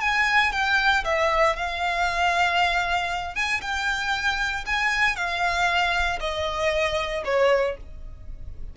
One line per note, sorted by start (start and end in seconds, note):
0.00 0.52 G#5
0.52 1.03 G5
1.04 1.55 E5
1.55 3.35 F5
3.35 3.60 G#5
3.61 4.64 G5
4.66 5.15 G#5
5.15 6.19 F5
6.20 7.23 D#5
7.25 7.76 C#5